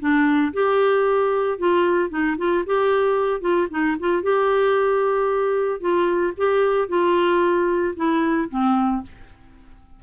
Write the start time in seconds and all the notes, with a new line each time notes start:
0.00 D4
0.54 G4
1.59 F4
2.10 D#4
2.38 F4
2.66 G4
3.41 F4
3.71 D#4
4.00 F4
4.23 G4
5.81 F4
6.38 G4
6.89 F4
7.96 E4
8.50 C4